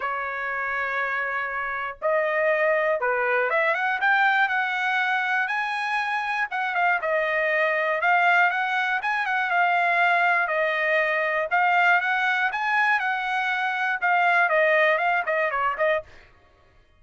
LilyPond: \new Staff \with { instrumentName = "trumpet" } { \time 4/4 \tempo 4 = 120 cis''1 | dis''2 b'4 e''8 fis''8 | g''4 fis''2 gis''4~ | gis''4 fis''8 f''8 dis''2 |
f''4 fis''4 gis''8 fis''8 f''4~ | f''4 dis''2 f''4 | fis''4 gis''4 fis''2 | f''4 dis''4 f''8 dis''8 cis''8 dis''8 | }